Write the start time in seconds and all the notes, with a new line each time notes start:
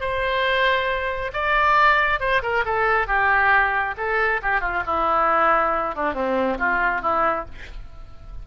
0.00 C5
1.33 D5
2.20 C5
2.42 A#4
2.65 A4
3.07 G4
3.97 A4
4.42 G4
4.60 F4
4.86 E4
5.95 D4
6.14 C4
6.58 F4
7.01 E4